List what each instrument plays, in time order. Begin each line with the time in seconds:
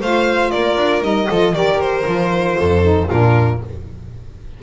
0.00 double bass A3, saxophone F4, violin C5 F5
0.50 double bass A#3, violin A#4 D5
0.76 double bass D4
1.01 double bass G3, saxophone D#4, violin D#5
1.29 double bass F3, saxophone F4, violin A4
1.53 double bass D#3, saxophone G4, violin A#4 D5
1.80 violin C5
2.02 double bass F3, saxophone F4
2.58 double bass F2, violin A4
2.82 saxophone D#4
3.08 double bass A#2, saxophone D4, violin F4 A#4